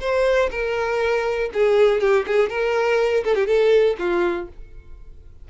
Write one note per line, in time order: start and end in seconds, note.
0.00 0.50 C5
0.51 1.50 A#4
1.53 2.00 G#4
2.00 2.25 G4
2.26 2.49 G#4
2.49 3.24 A#4
3.24 3.35 A4
3.35 3.46 G4
3.46 3.96 A4
3.98 4.48 F4